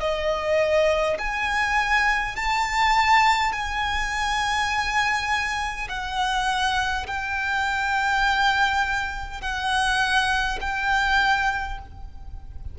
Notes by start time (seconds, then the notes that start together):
0.00 D#5
1.18 G#5
2.36 A5
3.52 G#5
5.89 F#5
7.06 G5
9.41 F#5
10.61 G5